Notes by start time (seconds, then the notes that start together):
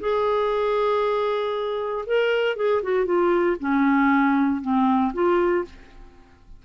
0.00 G#4
2.07 A#4
2.56 G#4
2.83 F#4
3.06 F4
3.60 C#4
4.62 C4
5.14 F4